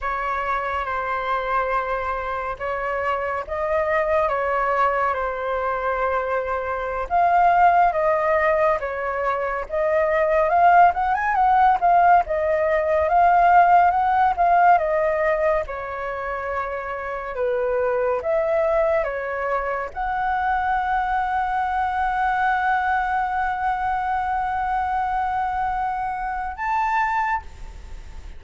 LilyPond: \new Staff \with { instrumentName = "flute" } { \time 4/4 \tempo 4 = 70 cis''4 c''2 cis''4 | dis''4 cis''4 c''2~ | c''16 f''4 dis''4 cis''4 dis''8.~ | dis''16 f''8 fis''16 gis''16 fis''8 f''8 dis''4 f''8.~ |
f''16 fis''8 f''8 dis''4 cis''4.~ cis''16~ | cis''16 b'4 e''4 cis''4 fis''8.~ | fis''1~ | fis''2. a''4 | }